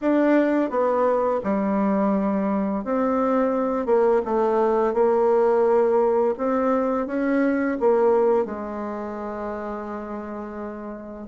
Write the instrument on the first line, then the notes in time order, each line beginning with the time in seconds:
bassoon
0.01 D4
0.69 B3
1.43 G3
2.84 C4
3.86 A#3
4.25 A3
4.93 A#3
6.37 C4
7.07 C#4
7.80 A#3
8.45 G#3